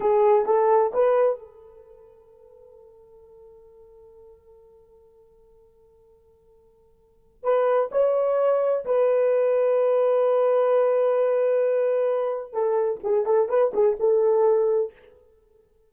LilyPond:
\new Staff \with { instrumentName = "horn" } { \time 4/4 \tempo 4 = 129 gis'4 a'4 b'4 a'4~ | a'1~ | a'1~ | a'1 |
b'4 cis''2 b'4~ | b'1~ | b'2. a'4 | gis'8 a'8 b'8 gis'8 a'2 | }